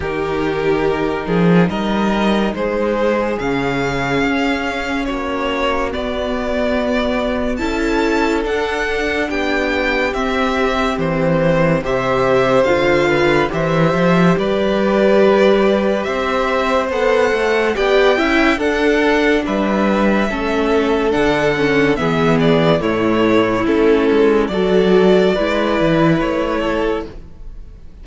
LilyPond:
<<
  \new Staff \with { instrumentName = "violin" } { \time 4/4 \tempo 4 = 71 ais'2 dis''4 c''4 | f''2 cis''4 d''4~ | d''4 a''4 fis''4 g''4 | e''4 c''4 e''4 f''4 |
e''4 d''2 e''4 | fis''4 g''4 fis''4 e''4~ | e''4 fis''4 e''8 d''8 cis''4 | a'4 d''2 cis''4 | }
  \new Staff \with { instrumentName = "violin" } { \time 4/4 g'4. gis'8 ais'4 gis'4~ | gis'2 fis'2~ | fis'4 a'2 g'4~ | g'2 c''4. b'8 |
c''4 b'2 c''4~ | c''4 d''8 e''8 a'4 b'4 | a'2 gis'4 e'4~ | e'4 a'4 b'4. a'8 | }
  \new Staff \with { instrumentName = "viola" } { \time 4/4 dis'1 | cis'2. b4~ | b4 e'4 d'2 | c'2 g'4 f'4 |
g'1 | a'4 g'8 e'8 d'2 | cis'4 d'8 cis'8 b4 a4 | cis'4 fis'4 e'2 | }
  \new Staff \with { instrumentName = "cello" } { \time 4/4 dis4. f8 g4 gis4 | cis4 cis'4 ais4 b4~ | b4 cis'4 d'4 b4 | c'4 e4 c4 d4 |
e8 f8 g2 c'4 | b8 a8 b8 cis'8 d'4 g4 | a4 d4 e4 a,4 | a8 gis8 fis4 gis8 e8 a4 | }
>>